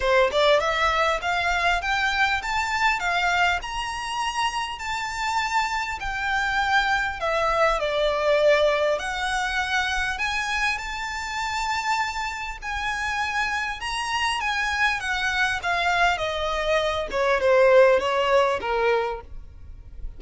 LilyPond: \new Staff \with { instrumentName = "violin" } { \time 4/4 \tempo 4 = 100 c''8 d''8 e''4 f''4 g''4 | a''4 f''4 ais''2 | a''2 g''2 | e''4 d''2 fis''4~ |
fis''4 gis''4 a''2~ | a''4 gis''2 ais''4 | gis''4 fis''4 f''4 dis''4~ | dis''8 cis''8 c''4 cis''4 ais'4 | }